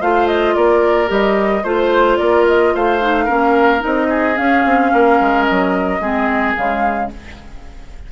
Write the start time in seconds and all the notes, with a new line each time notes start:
0.00 A3 F4 C5 F5
0.27 D#5
0.54 A#3 A#4 D5
1.07 G3 G4 D#5
1.63 A3 F4 C5
2.17 A#3 A#4 D5
2.47 D#5
2.74 A3 C5 F5
3.00 D#4
3.24 A#3 C#4 A#4
3.79 C4 D#4 D#5
4.09 G#4
4.35 C#4 F5
4.65 C4
4.92 A#3 A#4
5.20 G#3
5.44 D#5
5.50 F#3
6.00 G#3 C4 G#4
6.56 C#3 G#3 F5